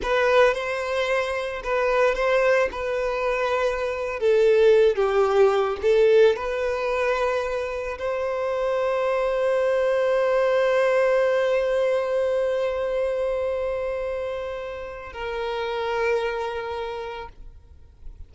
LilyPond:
\new Staff \with { instrumentName = "violin" } { \time 4/4 \tempo 4 = 111 b'4 c''2 b'4 | c''4 b'2~ b'8. a'16~ | a'4~ a'16 g'4. a'4 b'16~ | b'2~ b'8. c''4~ c''16~ |
c''1~ | c''1~ | c''1 | ais'1 | }